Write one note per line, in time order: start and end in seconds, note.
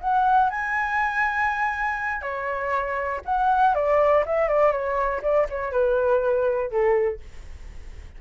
0.00 0.50 F#5
0.50 2.22 G#5
2.22 3.21 C#5
3.25 3.74 F#5
3.74 4.24 D5
4.26 4.48 E5
4.48 4.72 D5
4.72 5.21 C#5
5.22 5.47 D5
5.50 5.72 C#5
5.72 6.71 B4
6.71 7.20 A4